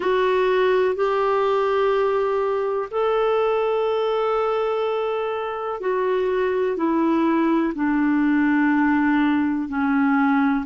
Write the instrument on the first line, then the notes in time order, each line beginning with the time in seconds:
clarinet
0.00 F#4
0.95 G4
2.90 A4
5.80 F#4
6.76 E4
7.75 D4
9.68 C#4